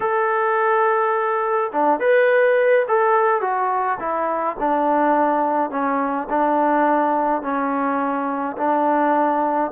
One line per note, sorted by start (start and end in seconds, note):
0.00 1.71 A4
1.72 2.00 D4
2.00 2.85 B4
2.88 3.41 A4
3.41 3.98 F#4
3.99 4.56 E4
4.59 5.70 D4
5.70 6.27 C#4
6.29 7.42 D4
7.42 8.56 C#4
8.57 9.71 D4